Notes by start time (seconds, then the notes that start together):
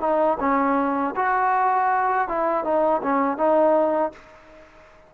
0.00 D#4
0.40 C#4
1.16 F#4
2.28 E4
2.64 D#4
3.02 C#4
3.37 D#4